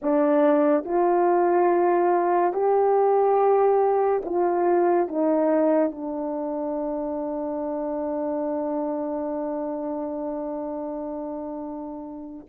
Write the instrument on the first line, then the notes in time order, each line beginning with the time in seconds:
horn
0.02 D4
0.85 F4
2.53 G4
4.25 F4
5.08 D#4
5.91 D4